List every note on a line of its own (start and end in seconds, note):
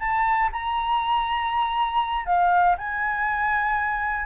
0.00 0.50 A5
0.53 2.26 A#5
2.26 2.76 F5
2.78 4.26 G#5